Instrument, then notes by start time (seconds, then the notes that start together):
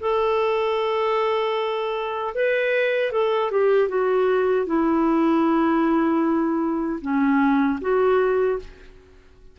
clarinet
0.00 A4
2.34 B4
3.12 A4
3.51 G4
3.89 F#4
4.66 E4
7.01 C#4
7.81 F#4